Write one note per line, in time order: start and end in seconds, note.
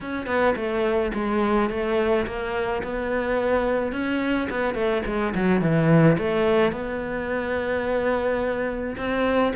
0.01 0.26 C#4
0.26 0.54 B3
0.56 1.12 A3
1.14 1.69 G#3
1.69 2.26 A3
2.26 2.82 A#3
2.83 3.92 B3
3.92 4.48 C#4
4.50 4.74 B3
4.74 5.02 A3
5.05 5.33 G#3
5.34 5.61 F#3
5.61 6.17 E3
6.18 6.71 A3
6.71 8.96 B3
8.97 9.53 C4